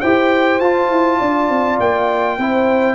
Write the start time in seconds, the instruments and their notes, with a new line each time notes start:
0.00 tuba E4, trombone G4, horn C5, trumpet G5
0.59 tuba F4, trombone F4, trumpet A5
0.90 tuba E4
1.18 tuba D4, horn D5
1.49 tuba C4
1.79 tuba A#3, trumpet G5
2.38 tuba C4, trombone E4, horn C5